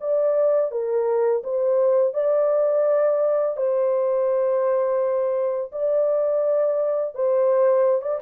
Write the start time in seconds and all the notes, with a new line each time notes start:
0.00 D5
0.71 A#4
1.43 C5
2.13 D5
3.56 C5
5.71 D5
7.14 C5
8.01 D5